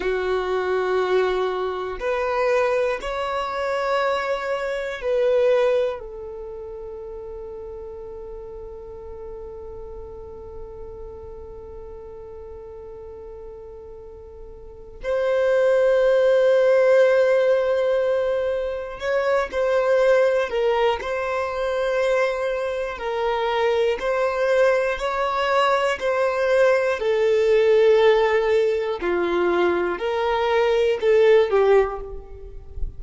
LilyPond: \new Staff \with { instrumentName = "violin" } { \time 4/4 \tempo 4 = 60 fis'2 b'4 cis''4~ | cis''4 b'4 a'2~ | a'1~ | a'2. c''4~ |
c''2. cis''8 c''8~ | c''8 ais'8 c''2 ais'4 | c''4 cis''4 c''4 a'4~ | a'4 f'4 ais'4 a'8 g'8 | }